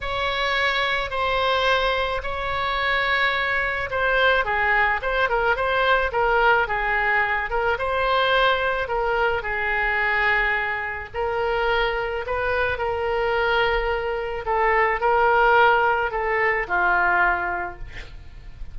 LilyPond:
\new Staff \with { instrumentName = "oboe" } { \time 4/4 \tempo 4 = 108 cis''2 c''2 | cis''2. c''4 | gis'4 c''8 ais'8 c''4 ais'4 | gis'4. ais'8 c''2 |
ais'4 gis'2. | ais'2 b'4 ais'4~ | ais'2 a'4 ais'4~ | ais'4 a'4 f'2 | }